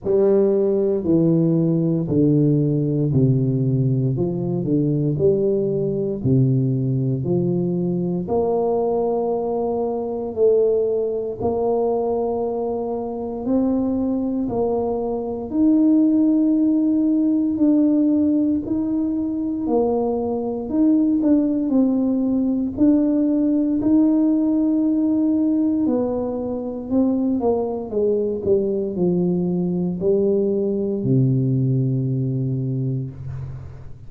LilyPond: \new Staff \with { instrumentName = "tuba" } { \time 4/4 \tempo 4 = 58 g4 e4 d4 c4 | f8 d8 g4 c4 f4 | ais2 a4 ais4~ | ais4 c'4 ais4 dis'4~ |
dis'4 d'4 dis'4 ais4 | dis'8 d'8 c'4 d'4 dis'4~ | dis'4 b4 c'8 ais8 gis8 g8 | f4 g4 c2 | }